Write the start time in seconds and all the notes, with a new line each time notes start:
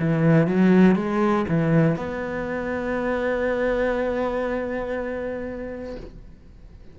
0.00 E3
0.48 F#3
0.96 G#3
1.49 E3
1.97 B3